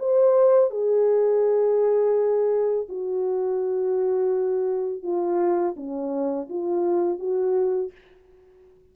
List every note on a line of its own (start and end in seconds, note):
0.00 0.71 C5
0.71 2.88 G#4
2.89 5.03 F#4
5.03 5.76 F4
5.77 6.49 C#4
6.50 7.20 F4
7.20 7.92 F#4